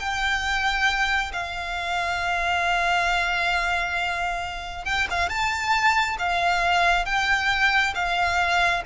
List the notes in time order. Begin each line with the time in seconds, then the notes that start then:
0.00 G5
1.33 F5
4.86 G5
5.11 F5
5.29 A5
6.19 F5
7.06 G5
7.95 F5